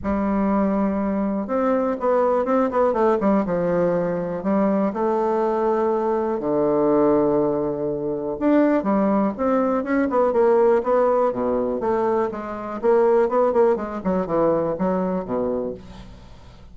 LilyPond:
\new Staff \with { instrumentName = "bassoon" } { \time 4/4 \tempo 4 = 122 g2. c'4 | b4 c'8 b8 a8 g8 f4~ | f4 g4 a2~ | a4 d2.~ |
d4 d'4 g4 c'4 | cis'8 b8 ais4 b4 b,4 | a4 gis4 ais4 b8 ais8 | gis8 fis8 e4 fis4 b,4 | }